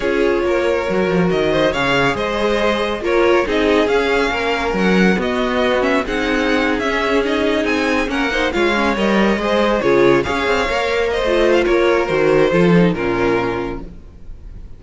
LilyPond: <<
  \new Staff \with { instrumentName = "violin" } { \time 4/4 \tempo 4 = 139 cis''2. dis''4 | f''4 dis''2 cis''4 | dis''4 f''2 fis''4 | dis''4. e''8 fis''4.~ fis''16 e''16~ |
e''8. dis''4 gis''4 fis''4 f''16~ | f''8. dis''2 cis''4 f''16~ | f''4.~ f''16 dis''4 f''16 cis''4 | c''2 ais'2 | }
  \new Staff \with { instrumentName = "violin" } { \time 4/4 gis'4 ais'2~ ais'8 c''8 | cis''4 c''2 ais'4 | gis'2 ais'2 | fis'2 gis'2~ |
gis'2~ gis'8. ais'8 c''8 cis''16~ | cis''4.~ cis''16 c''4 gis'4 cis''16~ | cis''4.~ cis''16 c''4~ c''16 ais'4~ | ais'4 a'4 f'2 | }
  \new Staff \with { instrumentName = "viola" } { \time 4/4 f'2 fis'2 | gis'2. f'4 | dis'4 cis'2. | b4. cis'8 dis'4.~ dis'16 cis'16~ |
cis'8. dis'2 cis'8 dis'8 f'16~ | f'16 cis'8 ais'4 gis'4 f'4 gis'16~ | gis'8. ais'4~ ais'16 f'2 | fis'4 f'8 dis'8 cis'2 | }
  \new Staff \with { instrumentName = "cello" } { \time 4/4 cis'4 ais4 fis8 f8 dis4 | cis4 gis2 ais4 | c'4 cis'4 ais4 fis4 | b2 c'4.~ c'16 cis'16~ |
cis'4.~ cis'16 c'4 ais4 gis16~ | gis8. g4 gis4 cis4 cis'16~ | cis'16 c'8 ais4~ ais16 a4 ais4 | dis4 f4 ais,2 | }
>>